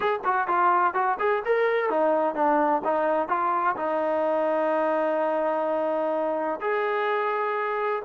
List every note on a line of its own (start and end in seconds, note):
0.00 0.20 G#4
0.24 0.47 F#4
0.47 0.94 F4
0.94 1.17 F#4
1.19 1.43 G#4
1.45 1.89 A#4
1.89 2.34 D#4
2.34 2.82 D4
2.84 3.28 D#4
3.28 3.75 F4
3.76 6.59 D#4
6.60 8.02 G#4